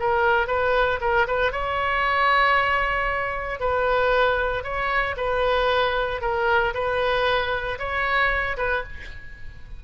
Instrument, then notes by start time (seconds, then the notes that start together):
oboe
0.00 A#4
0.48 B4
1.01 A#4
1.28 B4
1.53 C#5
3.61 B4
4.64 C#5
5.17 B4
6.22 A#4
6.74 B4
7.79 C#5
8.58 B4